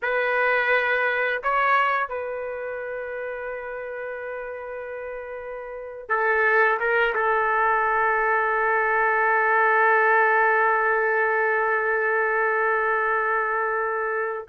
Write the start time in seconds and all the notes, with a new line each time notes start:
0.02 B4
1.43 C#5
2.08 B4
6.09 A4
6.79 A#4
7.14 A4